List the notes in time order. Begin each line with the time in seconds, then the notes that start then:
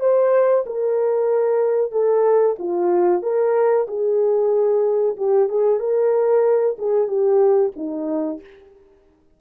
0.00 C5
0.66 A#4
1.92 A4
2.59 F4
3.22 A#4
3.87 G#4
5.17 G4
5.49 G#4
5.80 A#4
6.79 G#4
7.08 G4
7.76 D#4